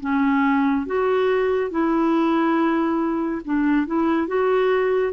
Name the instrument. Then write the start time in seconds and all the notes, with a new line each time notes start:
clarinet
0.00 C#4
0.86 F#4
1.70 E4
3.44 D4
3.86 E4
4.27 F#4